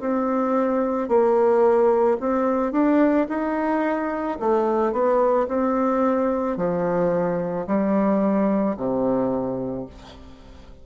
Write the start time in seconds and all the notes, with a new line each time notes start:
0.00 C4
1.08 A#3
2.20 C4
2.72 D4
3.29 D#4
4.40 A3
4.92 B3
5.48 C4
6.57 F3
7.67 G3
8.77 C3